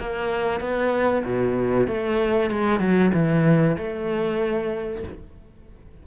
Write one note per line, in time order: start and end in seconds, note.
0.00 0.60 A#3
0.60 1.23 B3
1.25 1.87 B2
1.87 2.50 A3
2.51 2.80 G#3
2.80 3.11 F#3
3.14 3.77 E3
3.78 5.04 A3